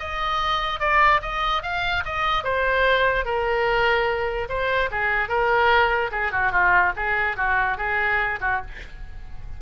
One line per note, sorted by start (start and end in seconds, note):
0.00 0.80 D#5
0.80 1.21 D5
1.22 1.63 D#5
1.63 2.04 F5
2.05 2.44 D#5
2.44 3.25 C5
3.25 4.49 A#4
4.49 4.90 C5
4.91 5.29 G#4
5.29 6.11 A#4
6.12 6.33 G#4
6.33 6.52 F#4
6.52 6.93 F4
6.97 7.37 G#4
7.37 7.78 F#4
7.78 8.40 G#4
8.41 8.62 F#4